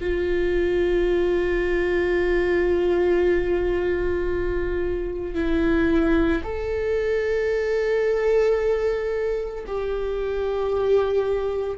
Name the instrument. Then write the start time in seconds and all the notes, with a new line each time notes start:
viola
0.00 F4
5.35 E4
6.43 A4
9.66 G4